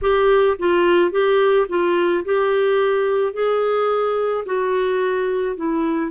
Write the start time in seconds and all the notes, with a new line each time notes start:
0.01 G4
0.58 F4
1.11 G4
1.68 F4
2.24 G4
3.33 G#4
4.45 F#4
5.56 E4